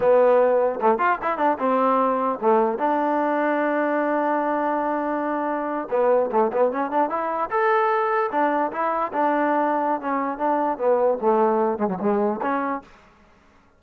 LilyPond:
\new Staff \with { instrumentName = "trombone" } { \time 4/4 \tempo 4 = 150 b2 a8 f'8 e'8 d'8 | c'2 a4 d'4~ | d'1~ | d'2~ d'8. b4 a16~ |
a16 b8 cis'8 d'8 e'4 a'4~ a'16~ | a'8. d'4 e'4 d'4~ d'16~ | d'4 cis'4 d'4 b4 | a4. gis16 fis16 gis4 cis'4 | }